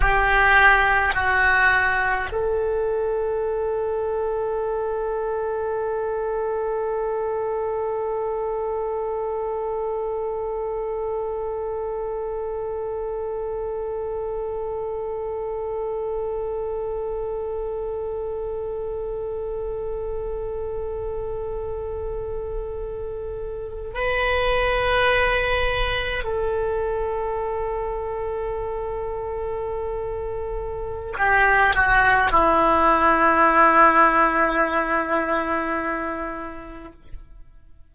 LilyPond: \new Staff \with { instrumentName = "oboe" } { \time 4/4 \tempo 4 = 52 g'4 fis'4 a'2~ | a'1~ | a'1~ | a'1~ |
a'1~ | a'8. b'2 a'4~ a'16~ | a'2. g'8 fis'8 | e'1 | }